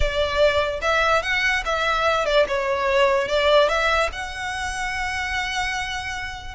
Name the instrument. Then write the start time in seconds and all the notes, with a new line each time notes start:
violin
0.00 D5
0.81 E5
1.22 F#5
1.65 E5
2.25 D5
2.47 C#5
3.27 D5
3.68 E5
4.12 F#5